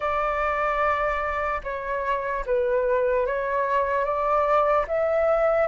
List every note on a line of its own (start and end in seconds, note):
0.00 1.61 D5
1.63 2.44 C#5
2.45 3.26 B4
3.26 4.04 C#5
4.04 4.85 D5
4.87 5.67 E5